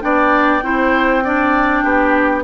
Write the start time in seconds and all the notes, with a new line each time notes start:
0.00 B3 D4 D5 G5
0.62 C4 E4 C5
1.23 D4 D5
1.83 B3 G4